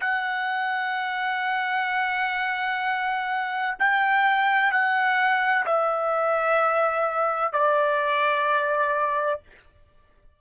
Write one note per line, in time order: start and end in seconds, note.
0.00 3.75 F#5
3.79 4.71 G5
4.71 5.65 F#5
5.65 7.53 E5
7.53 9.40 D5